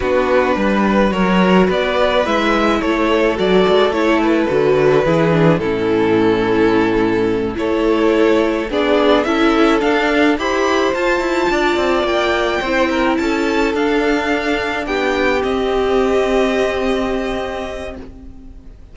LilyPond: <<
  \new Staff \with { instrumentName = "violin" } { \time 4/4 \tempo 4 = 107 b'2 cis''4 d''4 | e''4 cis''4 d''4 cis''8 b'8~ | b'2 a'2~ | a'4. cis''2 d''8~ |
d''8 e''4 f''4 b''4 a''8~ | a''4. g''2 a''8~ | a''8 f''2 g''4 dis''8~ | dis''1 | }
  \new Staff \with { instrumentName = "violin" } { \time 4/4 fis'4 b'4 ais'4 b'4~ | b'4 a'2.~ | a'4 gis'4 e'2~ | e'4. a'2 gis'8~ |
gis'8 a'2 c''4.~ | c''8 d''2 c''8 ais'8 a'8~ | a'2~ a'8 g'4.~ | g'1 | }
  \new Staff \with { instrumentName = "viola" } { \time 4/4 d'2 fis'2 | e'2 fis'4 e'4 | fis'4 e'8 d'8 cis'2~ | cis'4. e'2 d'8~ |
d'8 e'4 d'4 g'4 f'8~ | f'2~ f'8 e'4.~ | e'8 d'2. c'8~ | c'1 | }
  \new Staff \with { instrumentName = "cello" } { \time 4/4 b4 g4 fis4 b4 | gis4 a4 fis8 gis8 a4 | d4 e4 a,2~ | a,4. a2 b8~ |
b8 cis'4 d'4 e'4 f'8 | e'8 d'8 c'8 ais4 c'4 cis'8~ | cis'8 d'2 b4 c'8~ | c'1 | }
>>